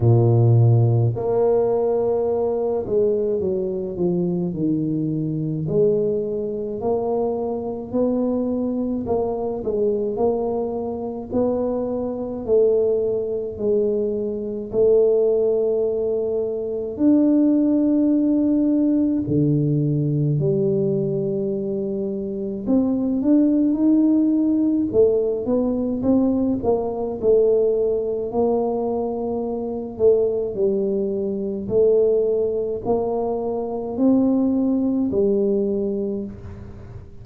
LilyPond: \new Staff \with { instrumentName = "tuba" } { \time 4/4 \tempo 4 = 53 ais,4 ais4. gis8 fis8 f8 | dis4 gis4 ais4 b4 | ais8 gis8 ais4 b4 a4 | gis4 a2 d'4~ |
d'4 d4 g2 | c'8 d'8 dis'4 a8 b8 c'8 ais8 | a4 ais4. a8 g4 | a4 ais4 c'4 g4 | }